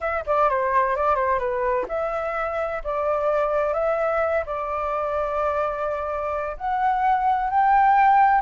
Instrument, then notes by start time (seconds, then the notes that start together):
flute
0.00 E5
0.26 D5
0.49 C5
0.95 D5
1.15 C5
1.38 B4
1.88 E5
2.84 D5
3.73 E5
4.46 D5
6.57 F#5
7.50 G5